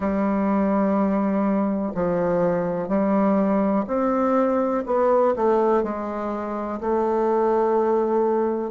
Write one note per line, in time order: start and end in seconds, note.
0.00 1.92 G3
1.94 2.88 F3
2.88 3.85 G3
3.87 4.83 C4
4.86 5.34 B3
5.35 5.83 A3
5.83 6.80 G#3
6.80 8.71 A3